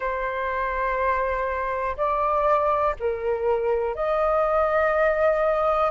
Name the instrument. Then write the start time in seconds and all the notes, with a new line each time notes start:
flute
0.00 C5
1.97 D5
2.99 A#4
3.95 D#5